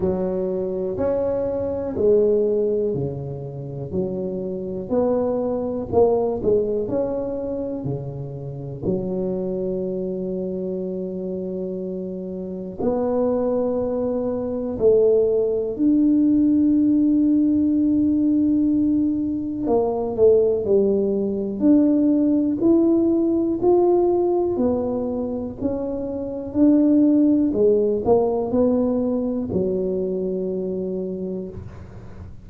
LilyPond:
\new Staff \with { instrumentName = "tuba" } { \time 4/4 \tempo 4 = 61 fis4 cis'4 gis4 cis4 | fis4 b4 ais8 gis8 cis'4 | cis4 fis2.~ | fis4 b2 a4 |
d'1 | ais8 a8 g4 d'4 e'4 | f'4 b4 cis'4 d'4 | gis8 ais8 b4 fis2 | }